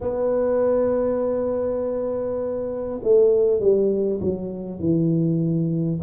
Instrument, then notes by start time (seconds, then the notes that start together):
tuba
0.00 B3
3.03 A3
3.60 G3
4.20 F#3
4.79 E3